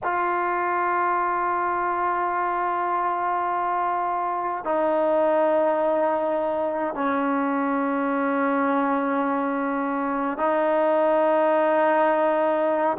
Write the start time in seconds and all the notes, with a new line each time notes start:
0.03 F4
4.64 D#4
6.94 C#4
10.37 D#4